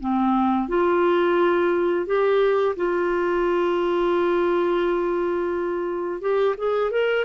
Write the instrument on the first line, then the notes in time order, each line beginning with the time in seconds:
clarinet
0.00 C4
0.68 F4
2.06 G4
2.76 F4
6.21 G4
6.57 G#4
6.91 A#4